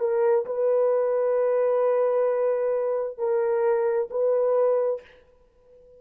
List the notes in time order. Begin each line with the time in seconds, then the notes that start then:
0.00 A#4
0.46 B4
3.19 A#4
4.11 B4